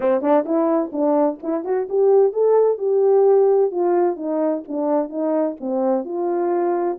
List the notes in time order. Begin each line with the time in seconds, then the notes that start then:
0.00 C4
0.21 D4
0.45 E4
0.92 D4
1.42 E4
1.64 F#4
1.89 G4
2.33 A4
2.78 G4
3.71 F4
4.16 D#4
4.68 D4
5.09 D#4
5.60 C4
6.04 F4